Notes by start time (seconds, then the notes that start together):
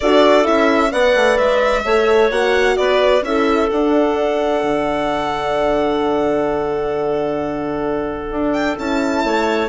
0.00 D4 F#4 A4 D5
0.43 C#4 E4 E5
0.91 B3 B4 D5 F#5
1.15 A3
1.37 G#3 E5
1.84 A3 A4 C#5
2.30 A#3 F#4 F#5
2.76 B3 B4 D5
3.22 C#4 E4 A4 E5
3.69 D4 F#5
4.63 D3
8.30 D4
8.52 G5
8.77 C#4 E4 A5
9.24 A3 C#5